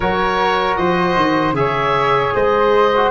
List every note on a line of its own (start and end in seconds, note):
0.00 0.77 F#3
0.00 1.55 F#4
0.00 0.78 A#4
0.00 0.76 C#5
0.76 1.15 F3
0.76 1.56 C5
0.76 1.54 D#5
1.15 1.52 D#3
1.52 2.30 C#3
1.52 2.91 G#4
1.52 2.33 E5
1.58 2.35 C#5
2.34 3.10 G#3
2.34 3.10 C5
2.34 3.10 D#5
2.96 3.10 F#4